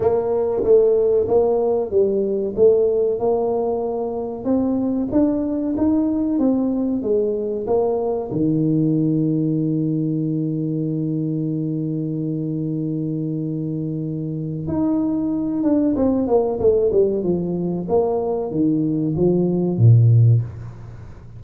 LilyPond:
\new Staff \with { instrumentName = "tuba" } { \time 4/4 \tempo 4 = 94 ais4 a4 ais4 g4 | a4 ais2 c'4 | d'4 dis'4 c'4 gis4 | ais4 dis2.~ |
dis1~ | dis2. dis'4~ | dis'8 d'8 c'8 ais8 a8 g8 f4 | ais4 dis4 f4 ais,4 | }